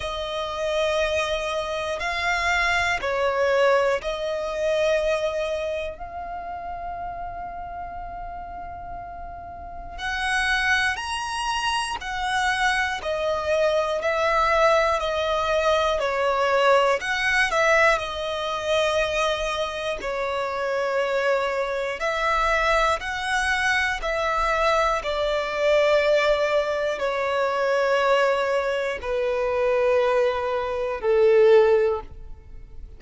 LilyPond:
\new Staff \with { instrumentName = "violin" } { \time 4/4 \tempo 4 = 60 dis''2 f''4 cis''4 | dis''2 f''2~ | f''2 fis''4 ais''4 | fis''4 dis''4 e''4 dis''4 |
cis''4 fis''8 e''8 dis''2 | cis''2 e''4 fis''4 | e''4 d''2 cis''4~ | cis''4 b'2 a'4 | }